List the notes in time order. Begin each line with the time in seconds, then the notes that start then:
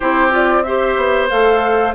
0.00 C4 E4 G4 C5
0.30 F4 D5
0.63 G4 C5 E5
0.96 B3
1.29 A3 A4 F5